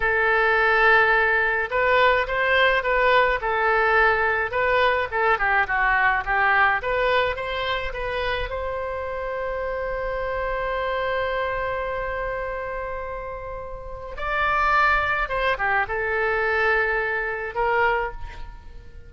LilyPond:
\new Staff \with { instrumentName = "oboe" } { \time 4/4 \tempo 4 = 106 a'2. b'4 | c''4 b'4 a'2 | b'4 a'8 g'8 fis'4 g'4 | b'4 c''4 b'4 c''4~ |
c''1~ | c''1~ | c''4 d''2 c''8 g'8 | a'2. ais'4 | }